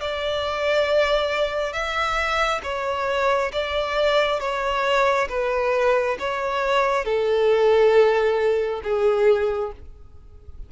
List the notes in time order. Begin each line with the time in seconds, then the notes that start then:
0.00 D5
1.72 E5
2.63 C#5
3.52 D5
4.40 C#5
5.29 B4
6.19 C#5
7.05 A4
8.84 G#4